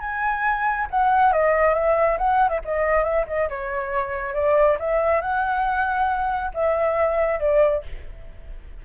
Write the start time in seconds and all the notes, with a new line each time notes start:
0.00 G#5
0.90 F#5
1.32 D#5
1.74 E5
2.18 F#5
2.49 E5
2.65 D#5
3.04 E5
3.27 D#5
3.49 C#5
4.34 D5
4.79 E5
5.21 F#5
6.54 E5
7.40 D5